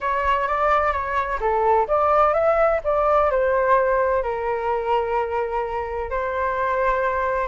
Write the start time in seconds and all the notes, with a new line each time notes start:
0.00 C#5
0.47 D5
0.92 C#5
1.40 A4
1.87 D5
2.33 E5
2.84 D5
3.30 C5
4.23 A#4
6.10 C5